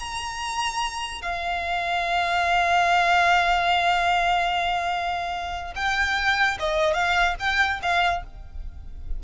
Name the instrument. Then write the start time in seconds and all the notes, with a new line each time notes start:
violin
0.00 A#5
1.22 F5
5.76 G5
6.60 D#5
6.95 F5
7.40 G5
7.83 F5